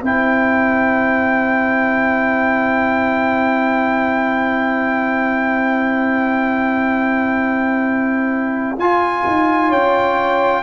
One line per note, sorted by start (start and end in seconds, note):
0.00 8.77 C4
0.00 8.77 E4
0.00 9.68 C5
0.00 8.79 G5
8.77 9.24 F4
8.77 10.63 F4
8.77 9.71 G#5
9.26 9.72 D#4
9.68 10.63 C#4
9.68 10.61 C#5
9.68 10.63 G5